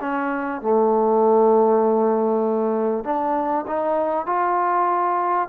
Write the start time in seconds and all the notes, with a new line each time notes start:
0.00 C#4
0.61 A3
3.04 D4
3.67 D#4
4.26 F4